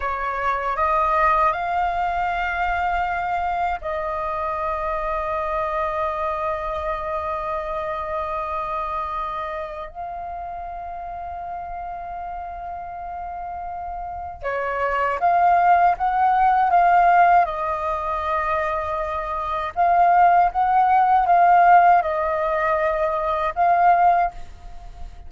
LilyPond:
\new Staff \with { instrumentName = "flute" } { \time 4/4 \tempo 4 = 79 cis''4 dis''4 f''2~ | f''4 dis''2.~ | dis''1~ | dis''4 f''2.~ |
f''2. cis''4 | f''4 fis''4 f''4 dis''4~ | dis''2 f''4 fis''4 | f''4 dis''2 f''4 | }